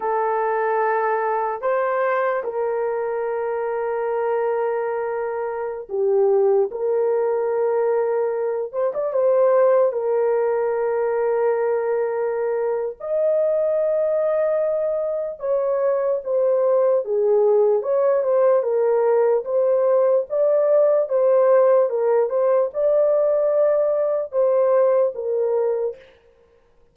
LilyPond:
\new Staff \with { instrumentName = "horn" } { \time 4/4 \tempo 4 = 74 a'2 c''4 ais'4~ | ais'2.~ ais'16 g'8.~ | g'16 ais'2~ ais'8 c''16 d''16 c''8.~ | c''16 ais'2.~ ais'8. |
dis''2. cis''4 | c''4 gis'4 cis''8 c''8 ais'4 | c''4 d''4 c''4 ais'8 c''8 | d''2 c''4 ais'4 | }